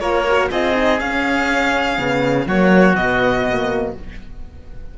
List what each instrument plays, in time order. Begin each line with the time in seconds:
0.00 cello A#3, horn F4, oboe A#4, violin C#5
0.30 horn F#4
0.51 cello C4, horn F4, oboe G#4, violin D#5
0.74 horn D#4
1.00 cello C#4, horn C#4, violin F5
1.98 cello C#3, horn B3
2.47 cello F#3, horn A#3, oboe F#4, violin C#5
2.96 cello B2, horn B3, violin D#5
3.49 horn A#3